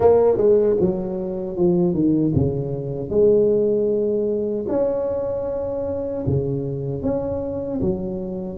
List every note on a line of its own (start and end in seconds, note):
0.00 0.37 A#3
0.37 0.76 G#3
0.80 1.56 F#3
1.56 1.93 F3
1.93 2.32 D#3
2.34 3.09 C#3
3.09 4.65 G#3
4.68 6.24 C#4
6.26 7.02 C#3
7.02 7.80 C#4
7.81 8.58 F#3